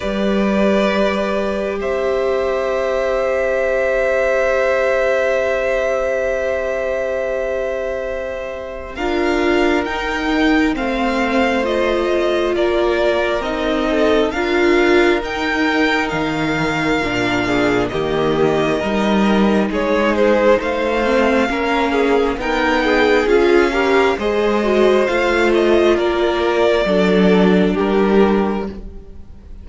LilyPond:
<<
  \new Staff \with { instrumentName = "violin" } { \time 4/4 \tempo 4 = 67 d''2 e''2~ | e''1~ | e''2 f''4 g''4 | f''4 dis''4 d''4 dis''4 |
f''4 g''4 f''2 | dis''2 cis''8 c''8 f''4~ | f''4 g''4 f''4 dis''4 | f''8 dis''8 d''2 ais'4 | }
  \new Staff \with { instrumentName = "violin" } { \time 4/4 b'2 c''2~ | c''1~ | c''2 ais'2 | c''2 ais'4. a'8 |
ais'2.~ ais'8 gis'8 | g'4 ais'4 gis'4 c''4 | ais'8 gis'8 ais'8 gis'4 ais'8 c''4~ | c''4 ais'4 a'4 g'4 | }
  \new Staff \with { instrumentName = "viola" } { \time 4/4 g'1~ | g'1~ | g'2 f'4 dis'4 | c'4 f'2 dis'4 |
f'4 dis'2 d'4 | ais4 dis'2~ dis'8 c'8 | cis'4 dis'4 f'8 g'8 gis'8 fis'8 | f'2 d'2 | }
  \new Staff \with { instrumentName = "cello" } { \time 4/4 g2 c'2~ | c'1~ | c'2 d'4 dis'4 | a2 ais4 c'4 |
d'4 dis'4 dis4 ais,4 | dis4 g4 gis4 a4 | ais4 b4 cis'4 gis4 | a4 ais4 fis4 g4 | }
>>